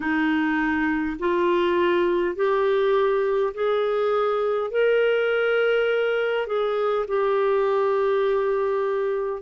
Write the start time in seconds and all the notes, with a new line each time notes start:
0.00 D#4
1.19 F4
2.35 G4
3.53 G#4
4.71 A#4
6.47 G#4
7.07 G4